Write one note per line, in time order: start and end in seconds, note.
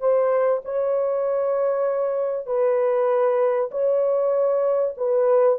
0.00 0.62 C5
0.65 2.46 C#5
2.46 3.70 B4
3.71 4.95 C#5
4.97 5.59 B4